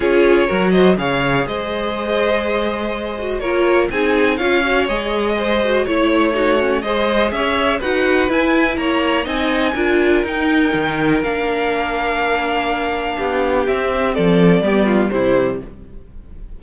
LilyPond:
<<
  \new Staff \with { instrumentName = "violin" } { \time 4/4 \tempo 4 = 123 cis''4. dis''8 f''4 dis''4~ | dis''2. cis''4 | gis''4 f''4 dis''2 | cis''2 dis''4 e''4 |
fis''4 gis''4 ais''4 gis''4~ | gis''4 g''2 f''4~ | f''1 | e''4 d''2 c''4 | }
  \new Staff \with { instrumentName = "violin" } { \time 4/4 gis'4 ais'8 c''8 cis''4 c''4~ | c''2. ais'4 | gis'4 cis''2 c''4 | cis''4 fis'4 c''4 cis''4 |
b'2 cis''4 dis''4 | ais'1~ | ais'2. g'4~ | g'4 a'4 g'8 f'8 e'4 | }
  \new Staff \with { instrumentName = "viola" } { \time 4/4 f'4 fis'4 gis'2~ | gis'2~ gis'8 fis'8 f'4 | dis'4 f'8 fis'8 gis'4. fis'8 | e'4 dis'8 cis'8 gis'2 |
fis'4 e'2 dis'4 | f'4 dis'2 d'4~ | d'1 | c'2 b4 g4 | }
  \new Staff \with { instrumentName = "cello" } { \time 4/4 cis'4 fis4 cis4 gis4~ | gis2. ais4 | c'4 cis'4 gis2 | a2 gis4 cis'4 |
dis'4 e'4 ais4 c'4 | d'4 dis'4 dis4 ais4~ | ais2. b4 | c'4 f4 g4 c4 | }
>>